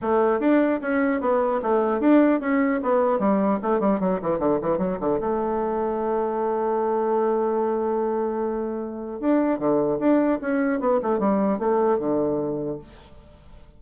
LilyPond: \new Staff \with { instrumentName = "bassoon" } { \time 4/4 \tempo 4 = 150 a4 d'4 cis'4 b4 | a4 d'4 cis'4 b4 | g4 a8 g8 fis8 e8 d8 e8 | fis8 d8 a2.~ |
a1~ | a2. d'4 | d4 d'4 cis'4 b8 a8 | g4 a4 d2 | }